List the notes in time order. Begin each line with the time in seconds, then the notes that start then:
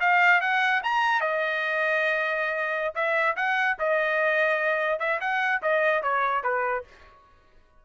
0.00 F5
0.41 F#5
0.83 A#5
1.21 D#5
2.95 E5
3.36 F#5
3.79 D#5
4.99 E5
5.20 F#5
5.62 D#5
6.02 C#5
6.43 B4